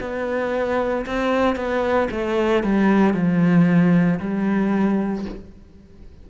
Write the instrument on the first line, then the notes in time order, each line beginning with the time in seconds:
cello
0.00 B3
1.06 C4
1.56 B3
2.11 A3
2.63 G3
3.14 F3
4.20 G3